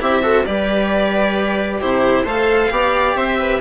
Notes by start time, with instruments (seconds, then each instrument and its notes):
0.00 bassoon C4, cello E4, viola G4, violin E5
0.22 cello F#4, viola A4
0.46 bassoon G3, cello G4, viola B4, violin D5
1.79 bassoon C3, cello E4, viola G4, violin C5
2.24 bassoon A3, cello A4, viola C5, violin F5
2.70 bassoon B3, cello G4, viola D5
3.15 bassoon C4, viola C5, violin E5
3.39 viola B4